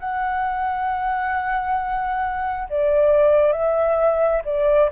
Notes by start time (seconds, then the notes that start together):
0.00 F#5
2.70 D5
3.53 E5
4.45 D5